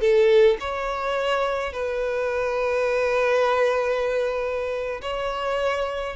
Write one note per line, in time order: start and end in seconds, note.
0.00 0.57 A4
0.60 1.72 C#5
1.72 5.01 B4
5.01 6.16 C#5